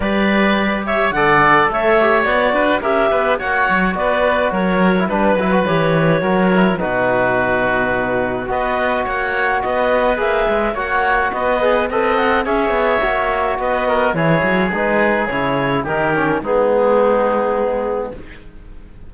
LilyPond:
<<
  \new Staff \with { instrumentName = "clarinet" } { \time 4/4 \tempo 4 = 106 d''4. e''8 fis''4 e''4 | d''4 e''4 fis''4 d''4 | cis''4 b'4 cis''2 | b'2. dis''4 |
fis''4 dis''4 e''4 fis''4 | dis''4 b'8 fis''8 e''2 | dis''4 cis''4 b'4 cis''4 | ais'4 gis'2. | }
  \new Staff \with { instrumentName = "oboe" } { \time 4/4 b'4. cis''8 d''4 cis''4~ | cis''8 b'8 ais'8 b'8 cis''4 b'4 | ais'4 b'2 ais'4 | fis'2. b'4 |
cis''4 b'2 cis''4 | b'4 dis''4 cis''2 | b'8 ais'8 gis'2. | g'4 dis'2. | }
  \new Staff \with { instrumentName = "trombone" } { \time 4/4 g'2 a'4. g'8 | fis'4 g'4 fis'2~ | fis'8. e'16 d'8 e'16 fis'16 g'4 fis'8 e'8 | dis'2. fis'4~ |
fis'2 gis'4 fis'4~ | fis'8 gis'8 a'4 gis'4 fis'4~ | fis'4 e'4 dis'4 e'4 | dis'8 cis'8 b2. | }
  \new Staff \with { instrumentName = "cello" } { \time 4/4 g2 d4 a4 | b8 d'8 cis'8 b8 ais8 fis8 b4 | fis4 g8 fis8 e4 fis4 | b,2. b4 |
ais4 b4 ais8 gis8 ais4 | b4 c'4 cis'8 b8 ais4 | b4 e8 fis8 gis4 cis4 | dis4 gis2. | }
>>